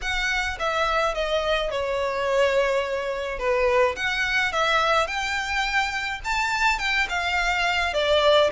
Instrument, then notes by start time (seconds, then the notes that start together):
violin
0.01 F#5
0.59 E5
1.14 D#5
1.71 C#5
3.39 B4
3.96 F#5
4.52 E5
5.07 G5
6.24 A5
6.78 G5
7.09 F5
7.93 D5